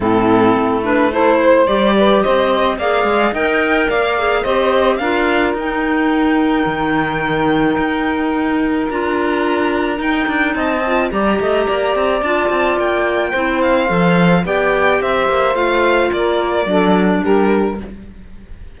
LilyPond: <<
  \new Staff \with { instrumentName = "violin" } { \time 4/4 \tempo 4 = 108 a'4. b'8 c''4 d''4 | dis''4 f''4 g''4 f''4 | dis''4 f''4 g''2~ | g''1 |
ais''2 g''4 a''4 | ais''2 a''4 g''4~ | g''8 f''4. g''4 e''4 | f''4 d''2 ais'4 | }
  \new Staff \with { instrumentName = "saxophone" } { \time 4/4 e'2 a'8 c''4 b'8 | c''4 d''4 dis''4 d''4 | c''4 ais'2.~ | ais'1~ |
ais'2. dis''4 | d''8 dis''8 d''2. | c''2 d''4 c''4~ | c''4 ais'4 a'4 g'4 | }
  \new Staff \with { instrumentName = "clarinet" } { \time 4/4 c'4. d'8 e'4 g'4~ | g'4 gis'4 ais'4. gis'8 | g'4 f'4 dis'2~ | dis'1 |
f'2 dis'4. f'8 | g'2 f'2 | e'4 a'4 g'2 | f'2 d'2 | }
  \new Staff \with { instrumentName = "cello" } { \time 4/4 a,4 a2 g4 | c'4 ais8 gis8 dis'4 ais4 | c'4 d'4 dis'2 | dis2 dis'2 |
d'2 dis'8 d'8 c'4 | g8 a8 ais8 c'8 d'8 c'8 ais4 | c'4 f4 b4 c'8 ais8 | a4 ais4 fis4 g4 | }
>>